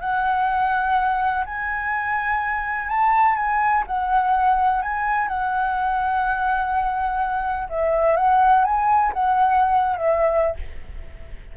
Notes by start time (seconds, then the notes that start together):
0.00 F#5
1.45 G#5
2.88 A5
3.35 G#5
3.86 F#5
4.81 G#5
5.28 F#5
7.69 E5
8.16 F#5
8.64 G#5
9.13 F#5
9.96 E5